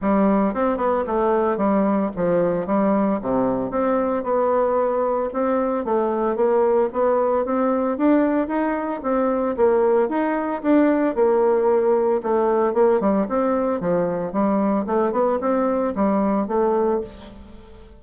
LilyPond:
\new Staff \with { instrumentName = "bassoon" } { \time 4/4 \tempo 4 = 113 g4 c'8 b8 a4 g4 | f4 g4 c4 c'4 | b2 c'4 a4 | ais4 b4 c'4 d'4 |
dis'4 c'4 ais4 dis'4 | d'4 ais2 a4 | ais8 g8 c'4 f4 g4 | a8 b8 c'4 g4 a4 | }